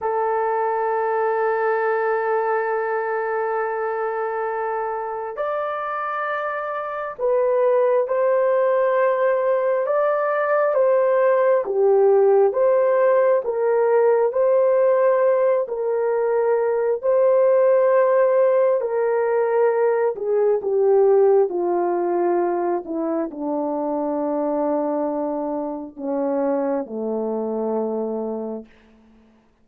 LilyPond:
\new Staff \with { instrumentName = "horn" } { \time 4/4 \tempo 4 = 67 a'1~ | a'2 d''2 | b'4 c''2 d''4 | c''4 g'4 c''4 ais'4 |
c''4. ais'4. c''4~ | c''4 ais'4. gis'8 g'4 | f'4. e'8 d'2~ | d'4 cis'4 a2 | }